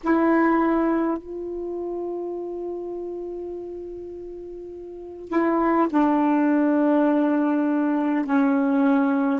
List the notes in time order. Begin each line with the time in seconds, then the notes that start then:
0.03 E4
1.17 F4
5.28 E4
5.90 D4
8.25 C#4